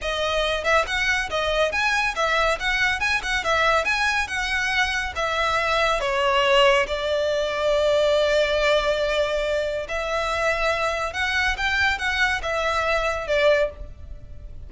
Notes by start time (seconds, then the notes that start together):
0.01 D#5
0.64 E5
0.86 F#5
1.30 D#5
1.72 G#5
2.15 E5
2.59 F#5
2.99 G#5
3.22 F#5
3.44 E5
3.85 G#5
4.27 F#5
5.15 E5
6.00 C#5
6.87 D5
9.88 E5
11.13 F#5
11.57 G5
11.98 F#5
12.42 E5
13.27 D5